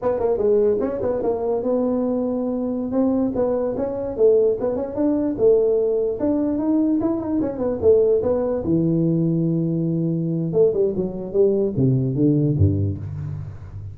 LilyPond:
\new Staff \with { instrumentName = "tuba" } { \time 4/4 \tempo 4 = 148 b8 ais8 gis4 cis'8 b8 ais4 | b2.~ b16 c'8.~ | c'16 b4 cis'4 a4 b8 cis'16~ | cis'16 d'4 a2 d'8.~ |
d'16 dis'4 e'8 dis'8 cis'8 b8 a8.~ | a16 b4 e2~ e8.~ | e2 a8 g8 fis4 | g4 c4 d4 g,4 | }